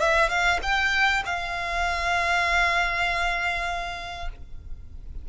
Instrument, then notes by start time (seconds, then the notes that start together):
violin
0.00 E5
0.29 F5
0.63 G5
1.26 F5